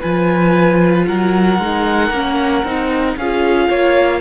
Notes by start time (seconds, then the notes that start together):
0.00 F3 F4 B4 G#5
1.07 F#3 A#4 F#5
1.59 G#3 D#4
2.10 A#3 C#4
2.63 C4 D#4
3.16 C#4 F4 G#4 F5
3.69 A#3 C#5